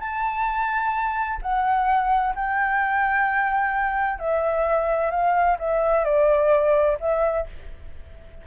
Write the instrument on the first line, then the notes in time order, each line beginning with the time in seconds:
flute
0.00 A5
1.42 F#5
2.36 G5
4.19 E5
5.11 F5
5.59 E5
6.05 D5
7.00 E5